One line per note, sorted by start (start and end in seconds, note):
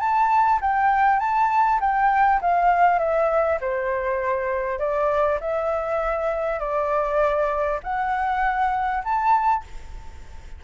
0.00 0.60 A5
0.62 1.20 G5
1.20 1.80 A5
1.81 2.41 G5
2.42 2.99 F5
2.99 3.59 E5
3.61 4.79 C5
4.79 5.39 D5
5.41 6.60 E5
6.60 7.80 D5
7.84 9.04 F#5
9.04 9.64 A5